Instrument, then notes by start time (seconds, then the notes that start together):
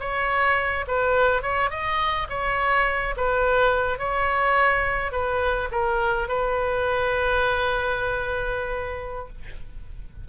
oboe
0.00 C#5
0.88 B4
1.43 C#5
1.71 D#5
2.30 C#5
3.17 B4
3.99 C#5
5.12 B4
5.72 A#4
6.28 B4